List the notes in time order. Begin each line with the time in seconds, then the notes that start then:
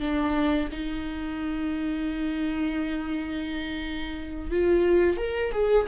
0.00 D4
0.72 D#4
4.51 F4
5.18 A#4
5.52 G#4